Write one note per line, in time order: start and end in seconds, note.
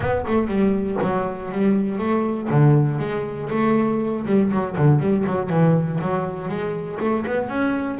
0.00 0.25 B3
0.27 0.47 A3
0.47 0.97 G3
1.02 1.51 F#3
1.51 1.98 G3
1.98 2.48 A3
2.49 2.98 D3
2.98 3.48 G#3
3.50 4.25 A3
4.25 4.50 G3
4.51 4.76 F#3
4.76 4.99 D3
4.99 5.24 G3
5.26 5.49 F#3
5.49 5.99 E3
6.01 6.48 F#3
6.48 6.98 G#3
7.00 7.25 A3
7.26 7.48 B3
7.48 7.98 C#4